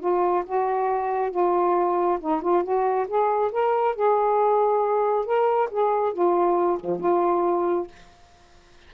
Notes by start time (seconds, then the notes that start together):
0.00 F4
0.46 F#4
1.31 F4
2.20 D#4
2.42 F4
2.63 F#4
3.08 G#4
3.52 A#4
3.95 G#4
5.26 A#4
5.71 G#4
6.13 F4
6.80 F3
7.00 F4